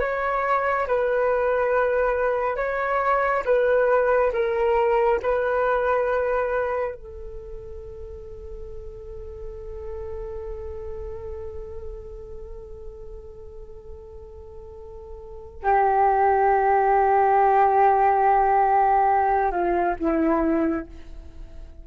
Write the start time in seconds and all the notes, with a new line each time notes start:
0.00 C#5
0.87 B4
2.56 C#5
3.45 B4
4.33 A#4
5.22 B4
6.95 A4
15.63 G4
19.51 F4
19.99 E4